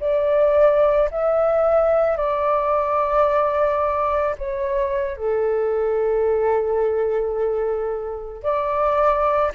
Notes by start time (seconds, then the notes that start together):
0.00 D5
1.11 E5
2.17 D5
4.38 C#5
5.16 A4
8.42 D5